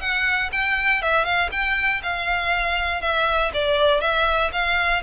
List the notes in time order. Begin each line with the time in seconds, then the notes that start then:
0.00 F#5
0.52 G5
1.02 E5
1.24 F5
1.51 G5
2.02 F5
3.01 E5
3.53 D5
4.00 E5
4.52 F5